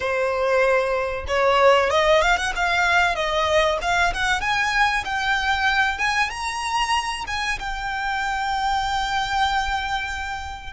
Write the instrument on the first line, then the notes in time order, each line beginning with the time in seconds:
violin
0.00 C5
1.27 C#5
1.89 D#5
2.21 F5
2.37 F#5
2.56 F5
3.15 D#5
3.81 F5
4.13 F#5
4.40 G#5
5.04 G5
5.98 G#5
6.30 A#5
7.27 G#5
7.59 G5